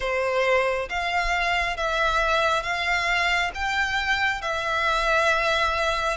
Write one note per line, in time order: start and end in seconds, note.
0.00 0.88 C5
0.89 1.76 F5
1.76 2.62 E5
2.62 3.51 F5
3.54 4.41 G5
4.41 6.17 E5